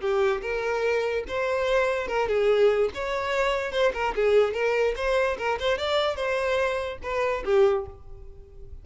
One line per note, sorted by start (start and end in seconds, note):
0.00 0.41 G4
0.41 1.24 A#4
1.28 2.08 C5
2.08 2.28 A#4
2.28 2.90 G#4
2.94 3.72 C#5
3.72 3.92 C5
3.93 4.14 A#4
4.15 4.53 G#4
4.53 4.94 A#4
4.96 5.37 C5
5.38 5.59 A#4
5.59 5.78 C5
5.78 6.16 D5
6.16 6.98 C5
7.02 7.43 B4
7.44 7.85 G4